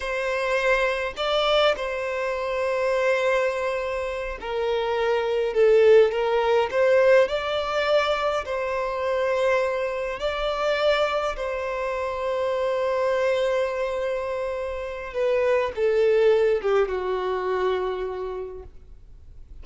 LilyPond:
\new Staff \with { instrumentName = "violin" } { \time 4/4 \tempo 4 = 103 c''2 d''4 c''4~ | c''2.~ c''8 ais'8~ | ais'4. a'4 ais'4 c''8~ | c''8 d''2 c''4.~ |
c''4. d''2 c''8~ | c''1~ | c''2 b'4 a'4~ | a'8 g'8 fis'2. | }